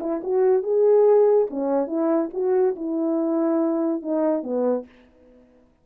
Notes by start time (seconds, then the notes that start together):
0.00 E4
0.23 F#4
0.63 G#4
1.50 C#4
1.87 E4
2.33 F#4
2.75 E4
4.02 D#4
4.43 B3